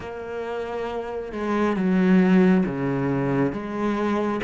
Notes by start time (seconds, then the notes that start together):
0.00 A#3
1.32 G#3
1.76 F#3
2.66 C#3
3.52 G#3